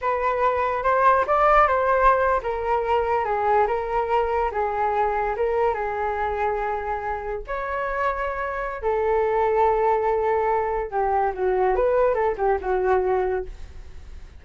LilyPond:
\new Staff \with { instrumentName = "flute" } { \time 4/4 \tempo 4 = 143 b'2 c''4 d''4 | c''4.~ c''16 ais'2 gis'16~ | gis'8. ais'2 gis'4~ gis'16~ | gis'8. ais'4 gis'2~ gis'16~ |
gis'4.~ gis'16 cis''2~ cis''16~ | cis''4 a'2.~ | a'2 g'4 fis'4 | b'4 a'8 g'8 fis'2 | }